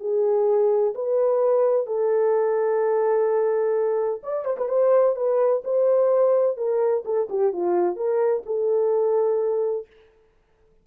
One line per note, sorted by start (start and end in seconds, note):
0.00 0.94 G#4
0.95 1.87 B4
1.87 4.21 A4
4.23 4.45 D5
4.45 4.57 C5
4.58 4.69 B4
4.69 5.16 C5
5.16 5.63 B4
5.64 6.57 C5
6.57 7.04 A#4
7.05 7.29 A4
7.30 7.53 G4
7.53 7.96 F4
7.96 8.43 A#4
8.46 9.87 A4